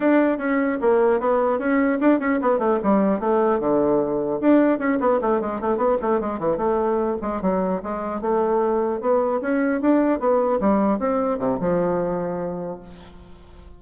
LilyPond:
\new Staff \with { instrumentName = "bassoon" } { \time 4/4 \tempo 4 = 150 d'4 cis'4 ais4 b4 | cis'4 d'8 cis'8 b8 a8 g4 | a4 d2 d'4 | cis'8 b8 a8 gis8 a8 b8 a8 gis8 |
e8 a4. gis8 fis4 gis8~ | gis8 a2 b4 cis'8~ | cis'8 d'4 b4 g4 c'8~ | c'8 c8 f2. | }